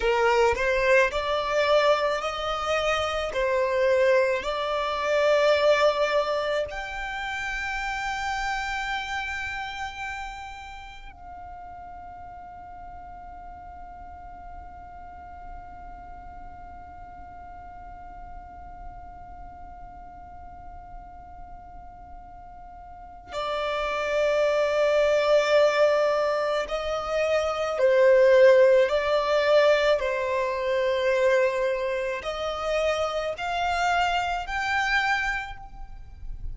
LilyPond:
\new Staff \with { instrumentName = "violin" } { \time 4/4 \tempo 4 = 54 ais'8 c''8 d''4 dis''4 c''4 | d''2 g''2~ | g''2 f''2~ | f''1~ |
f''1~ | f''4 d''2. | dis''4 c''4 d''4 c''4~ | c''4 dis''4 f''4 g''4 | }